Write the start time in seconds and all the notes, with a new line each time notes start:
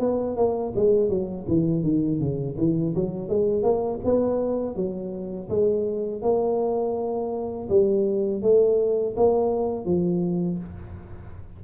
0.00 B3
0.37 A#3
0.76 G#3
1.10 F#3
1.49 E3
1.84 D#3
2.20 C#3
2.58 E3
2.96 F#3
3.29 G#3
3.63 A#3
4.05 B3
4.76 F#3
5.50 G#3
6.23 A#3
7.70 G3
8.42 A3
9.17 A#3
9.86 F3